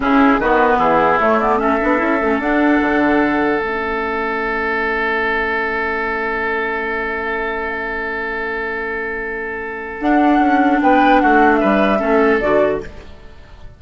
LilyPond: <<
  \new Staff \with { instrumentName = "flute" } { \time 4/4 \tempo 4 = 150 gis'4 b'4 gis'4 cis''8 d''8 | e''2 fis''2~ | fis''4 e''2.~ | e''1~ |
e''1~ | e''1~ | e''4 fis''2 g''4 | fis''4 e''2 d''4 | }
  \new Staff \with { instrumentName = "oboe" } { \time 4/4 e'4 fis'4 e'2 | a'1~ | a'1~ | a'1~ |
a'1~ | a'1~ | a'2. b'4 | fis'4 b'4 a'2 | }
  \new Staff \with { instrumentName = "clarinet" } { \time 4/4 cis'4 b2 a8 b8 | cis'8 d'8 e'8 cis'8 d'2~ | d'4 cis'2.~ | cis'1~ |
cis'1~ | cis'1~ | cis'4 d'2.~ | d'2 cis'4 fis'4 | }
  \new Staff \with { instrumentName = "bassoon" } { \time 4/4 cis4 dis4 e4 a4~ | a8 b8 cis'8 a8 d'4 d4~ | d4 a2.~ | a1~ |
a1~ | a1~ | a4 d'4 cis'4 b4 | a4 g4 a4 d4 | }
>>